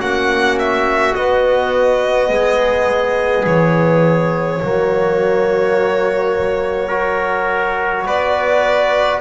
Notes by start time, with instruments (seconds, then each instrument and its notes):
0.00 double bass A#3, trombone C#4, trumpet F#4, violin F#5
0.59 violin E5
1.15 trombone B3, double bass B3, violin D#5
2.29 double bass G#3, trumpet G#4
3.46 double bass E3, violin C#5
4.62 double bass F#3, trombone A#3, trumpet F#4
6.88 trombone F#4, trumpet A#4
8.06 double bass B3, trumpet B4, violin D5